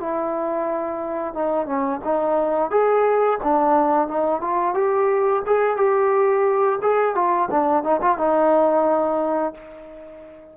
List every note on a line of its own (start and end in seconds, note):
0.00 1.34 E4
1.34 1.66 D#4
1.66 2.00 C#4
2.04 2.71 D#4
2.71 3.39 G#4
3.44 4.08 D4
4.08 4.41 D#4
4.41 4.74 F4
4.74 5.43 G4
5.46 5.77 G#4
5.77 6.79 G4
6.82 7.15 G#4
7.15 7.49 F4
7.51 7.83 D4
7.83 8.01 D#4
8.01 8.18 F4
8.18 9.55 D#4